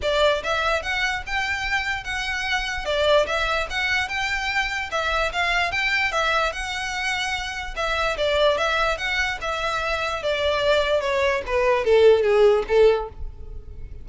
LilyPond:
\new Staff \with { instrumentName = "violin" } { \time 4/4 \tempo 4 = 147 d''4 e''4 fis''4 g''4~ | g''4 fis''2 d''4 | e''4 fis''4 g''2 | e''4 f''4 g''4 e''4 |
fis''2. e''4 | d''4 e''4 fis''4 e''4~ | e''4 d''2 cis''4 | b'4 a'4 gis'4 a'4 | }